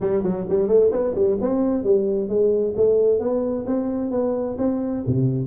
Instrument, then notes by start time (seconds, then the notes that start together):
tuba
0.00 G3
0.23 F#3
0.49 G3
0.67 A3
0.91 B3
1.14 G3
1.41 C4
1.83 G3
2.28 G#3
2.76 A3
3.19 B3
3.66 C4
4.11 B3
4.58 C4
5.06 C3